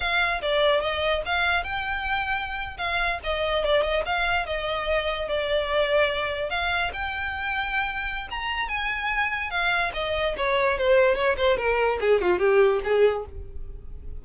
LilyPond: \new Staff \with { instrumentName = "violin" } { \time 4/4 \tempo 4 = 145 f''4 d''4 dis''4 f''4 | g''2~ g''8. f''4 dis''16~ | dis''8. d''8 dis''8 f''4 dis''4~ dis''16~ | dis''8. d''2. f''16~ |
f''8. g''2.~ g''16 | ais''4 gis''2 f''4 | dis''4 cis''4 c''4 cis''8 c''8 | ais'4 gis'8 f'8 g'4 gis'4 | }